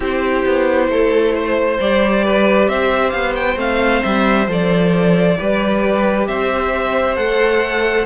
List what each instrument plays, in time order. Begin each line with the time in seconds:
0.00 cello C4, viola E4, violin G4 C5
0.45 cello B3
0.88 cello A3, violin A4
1.35 violin C5
1.79 cello G3, viola G4, violin D5
2.24 violin B4
2.68 cello C4, violin C5 E5
3.10 cello B3, violin F5
3.35 violin G5
3.56 cello A3, viola C4, violin F5
4.03 cello G3, violin E5
4.47 cello F3, viola A4, violin D5
5.38 cello G3, viola G4, violin B4
6.27 cello C4, violin C5 E5
7.15 cello A3, viola A4, violin F#5